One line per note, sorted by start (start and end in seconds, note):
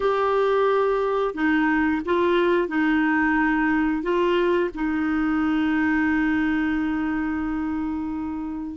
0.00 1.34 G4
1.34 2.01 D#4
2.05 2.68 F4
2.68 4.02 D#4
4.02 4.70 F4
4.74 8.77 D#4